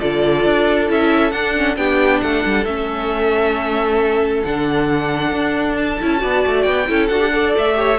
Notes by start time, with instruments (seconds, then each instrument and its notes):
0.00 cello D3, viola F4, violin A4 D5
0.46 cello D4
0.88 cello C#4, viola E4, violin E5
1.31 cello D4, viola D4, violin F#5
1.56 viola C#4
1.76 cello B3, viola D4, violin G4 G5
2.21 cello A3, violin A4 F#5
2.45 cello G3
2.65 cello A3, viola C#4, violin E5
4.44 cello D3, viola D4, violin F#5
5.32 cello D4
5.77 violin A5
6.02 cello C#4, viola E4
6.17 cello B3, viola F#4, violin D5
6.46 cello A3
6.63 cello B3, violin G5
6.87 cello C#4, viola E4, violin A4
7.08 cello D4, viola F#4, violin F#5
7.20 viola G4
7.32 viola A4, violin D5
7.57 cello A3, violin E5
7.75 viola G4, violin C#5